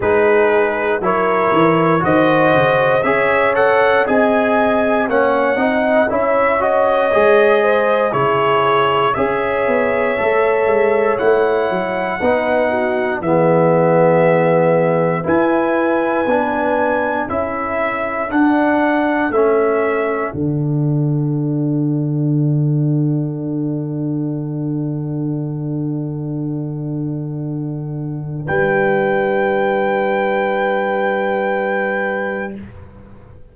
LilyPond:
<<
  \new Staff \with { instrumentName = "trumpet" } { \time 4/4 \tempo 4 = 59 b'4 cis''4 dis''4 e''8 fis''8 | gis''4 fis''4 e''8 dis''4. | cis''4 e''2 fis''4~ | fis''4 e''2 gis''4~ |
gis''4 e''4 fis''4 e''4 | fis''1~ | fis''1 | g''1 | }
  \new Staff \with { instrumentName = "horn" } { \time 4/4 gis'4 ais'4 c''4 cis''4 | dis''4 cis''8 dis''8 cis''4. c''8 | gis'4 cis''2. | b'8 fis'8 gis'2 b'4~ |
b'4 a'2.~ | a'1~ | a'1 | b'1 | }
  \new Staff \with { instrumentName = "trombone" } { \time 4/4 dis'4 e'4 fis'4 gis'8 a'8 | gis'4 cis'8 dis'8 e'8 fis'8 gis'4 | e'4 gis'4 a'4 e'4 | dis'4 b2 e'4 |
d'4 e'4 d'4 cis'4 | d'1~ | d'1~ | d'1 | }
  \new Staff \with { instrumentName = "tuba" } { \time 4/4 gis4 fis8 e8 dis8 cis8 cis'4 | c'4 ais8 c'8 cis'4 gis4 | cis4 cis'8 b8 a8 gis8 a8 fis8 | b4 e2 e'4 |
b4 cis'4 d'4 a4 | d1~ | d1 | g1 | }
>>